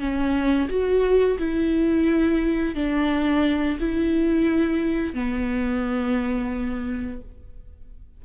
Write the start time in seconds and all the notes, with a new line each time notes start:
0.00 C#4
0.69 F#4
1.39 E4
2.75 D4
3.80 E4
5.14 B3